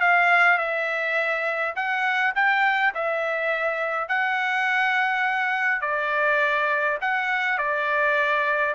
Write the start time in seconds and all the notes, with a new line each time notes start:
0.00 F5
0.57 E5
1.75 F#5
2.35 G5
2.94 E5
4.08 F#5
5.81 D5
7.01 F#5
7.58 D5